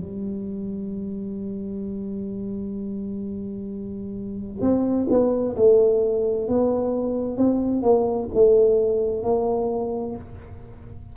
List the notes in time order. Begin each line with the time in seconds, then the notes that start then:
0.00 G3
4.61 C4
5.09 B3
5.56 A3
6.48 B3
7.37 C4
7.82 A#3
8.34 A3
9.23 A#3